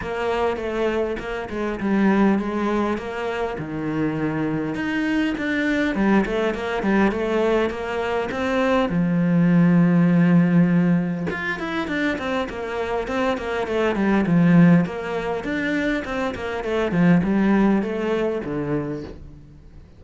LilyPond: \new Staff \with { instrumentName = "cello" } { \time 4/4 \tempo 4 = 101 ais4 a4 ais8 gis8 g4 | gis4 ais4 dis2 | dis'4 d'4 g8 a8 ais8 g8 | a4 ais4 c'4 f4~ |
f2. f'8 e'8 | d'8 c'8 ais4 c'8 ais8 a8 g8 | f4 ais4 d'4 c'8 ais8 | a8 f8 g4 a4 d4 | }